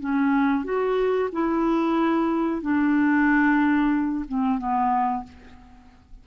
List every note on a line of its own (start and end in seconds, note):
0.00 0.65 C#4
0.65 1.30 F#4
1.33 2.62 E4
2.62 4.25 D4
4.28 4.59 C4
4.59 5.24 B3